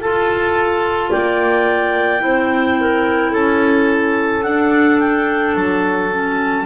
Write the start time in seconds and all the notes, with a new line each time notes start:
0.00 F4 A4 A5
1.11 A#3 D5 G5
2.20 C4 E4 C5
2.81 A#4
3.31 C#4 A4 A5
4.44 D4 F#5
5.00 G5
5.55 F#3 A5
6.12 C#4